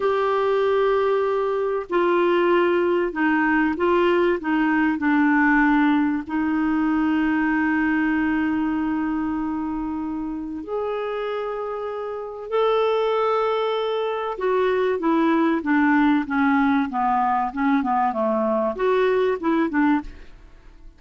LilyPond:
\new Staff \with { instrumentName = "clarinet" } { \time 4/4 \tempo 4 = 96 g'2. f'4~ | f'4 dis'4 f'4 dis'4 | d'2 dis'2~ | dis'1~ |
dis'4 gis'2. | a'2. fis'4 | e'4 d'4 cis'4 b4 | cis'8 b8 a4 fis'4 e'8 d'8 | }